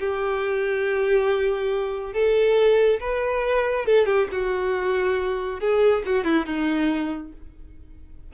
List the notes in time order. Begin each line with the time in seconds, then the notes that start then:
0.00 G4
2.14 A4
3.00 B4
3.86 A4
4.06 G4
4.32 F#4
5.60 G#4
6.06 F#4
6.24 E4
6.46 D#4